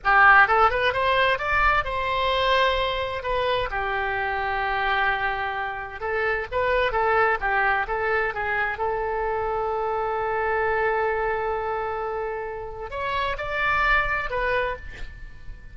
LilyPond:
\new Staff \with { instrumentName = "oboe" } { \time 4/4 \tempo 4 = 130 g'4 a'8 b'8 c''4 d''4 | c''2. b'4 | g'1~ | g'4 a'4 b'4 a'4 |
g'4 a'4 gis'4 a'4~ | a'1~ | a'1 | cis''4 d''2 b'4 | }